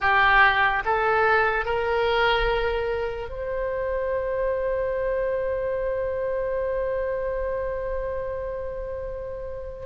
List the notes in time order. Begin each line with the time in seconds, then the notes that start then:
0.00 G4
0.85 A4
1.65 A#4
3.29 C5